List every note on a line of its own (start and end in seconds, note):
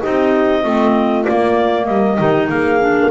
0.00 0.64 C4
0.00 0.63 D#4
0.00 0.62 G4
0.00 1.24 D#5
0.63 1.26 A3
0.63 1.25 C4
0.63 1.87 F4
1.24 2.17 A#3
1.24 1.88 A#3
1.24 1.86 D5
1.86 2.19 G3
1.86 2.18 A#4
1.86 2.48 D#5
2.17 2.49 D#3
2.17 2.79 D#4
2.17 2.49 G4
2.49 3.11 A#3
2.49 3.11 G#4
2.49 3.11 F5
2.80 3.11 D4